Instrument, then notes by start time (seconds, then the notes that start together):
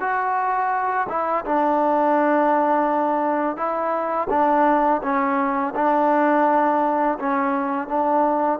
trombone
0.00 F#4
1.09 E4
1.45 D4
3.56 E4
4.30 D4
5.02 C#4
5.75 D4
7.19 C#4
7.88 D4